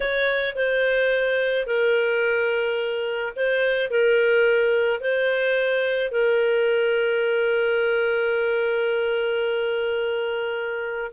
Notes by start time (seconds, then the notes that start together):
0.00 C#5
0.55 C5
1.66 A#4
3.36 C5
3.90 A#4
5.00 C5
6.11 A#4